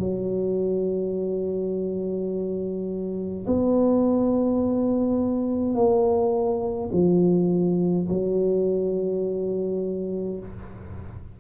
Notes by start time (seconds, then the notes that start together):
0.00 F#3
3.47 B3
5.75 A#3
6.93 F3
8.09 F#3